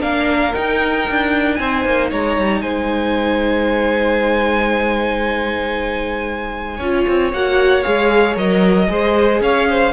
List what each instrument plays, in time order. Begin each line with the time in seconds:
0.00 cello A#3, viola D4, violin A#4 F5
0.54 viola D#4, cello D#4, violin G5
1.10 cello D4
1.55 cello C4, violin C5 G#5
1.85 cello A#3
2.11 cello G#3, violin C#5 A#5
2.38 cello G3
2.62 cello G#3, violin C5 G#5
6.77 cello C#4, viola F4, violin C#5
7.08 cello C4
7.33 cello A#3, viola F#4, violin F#5
7.83 cello G#3, viola G#4, violin F5
8.36 cello F#3, viola A#4, violin D#5
8.88 cello G#3, viola G#4, violin C5
9.41 cello C#4, violin C#5 F5
9.69 violin C5